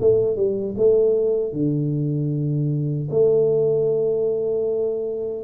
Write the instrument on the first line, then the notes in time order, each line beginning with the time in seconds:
tuba
0.00 A3
0.36 G3
0.77 A3
1.53 D3
3.11 A3